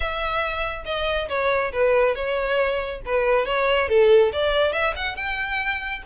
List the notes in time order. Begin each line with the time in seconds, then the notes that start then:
0.00 E5
0.85 D#5
1.29 C#5
1.72 B4
2.15 C#5
3.05 B4
3.45 C#5
3.88 A4
4.32 D5
4.72 E5
4.96 F#5
5.16 G5